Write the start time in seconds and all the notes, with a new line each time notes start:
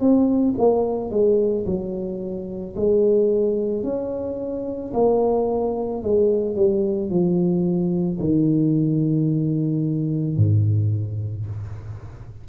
0.00 C4
0.58 A#3
1.11 G#3
1.66 F#3
2.76 G#3
3.83 C#4
4.94 A#3
6.03 G#3
6.56 G3
7.10 F3
8.20 D#3
10.37 G#2